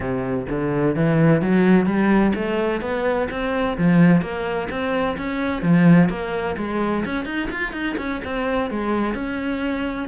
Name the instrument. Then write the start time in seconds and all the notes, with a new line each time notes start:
cello
0.00 C3
0.49 D3
0.95 E3
1.41 F#3
1.86 G3
2.34 A3
2.81 B3
3.30 C4
3.77 F3
4.21 A#3
4.69 C4
5.17 C#4
5.62 F3
6.09 A#3
6.57 G#3
7.05 C#4
7.25 D#4
7.50 F4
7.72 D#4
7.97 C#4
8.24 C4
8.70 G#3
9.14 C#4